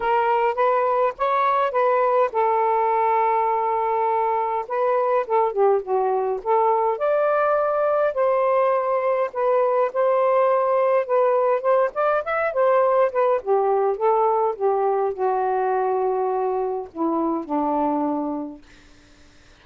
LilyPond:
\new Staff \with { instrumentName = "saxophone" } { \time 4/4 \tempo 4 = 103 ais'4 b'4 cis''4 b'4 | a'1 | b'4 a'8 g'8 fis'4 a'4 | d''2 c''2 |
b'4 c''2 b'4 | c''8 d''8 e''8 c''4 b'8 g'4 | a'4 g'4 fis'2~ | fis'4 e'4 d'2 | }